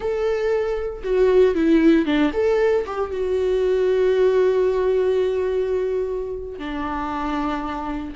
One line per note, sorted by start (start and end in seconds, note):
0.00 1.03 A4
1.03 1.54 F#4
1.54 2.05 E4
2.05 2.31 D4
2.33 2.84 A4
2.85 3.11 G4
3.11 6.59 F#4
6.59 8.14 D4